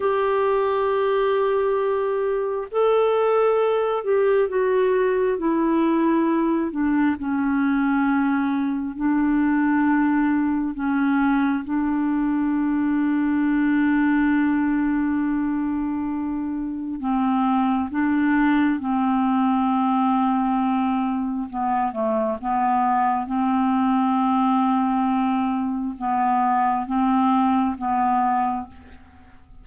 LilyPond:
\new Staff \with { instrumentName = "clarinet" } { \time 4/4 \tempo 4 = 67 g'2. a'4~ | a'8 g'8 fis'4 e'4. d'8 | cis'2 d'2 | cis'4 d'2.~ |
d'2. c'4 | d'4 c'2. | b8 a8 b4 c'2~ | c'4 b4 c'4 b4 | }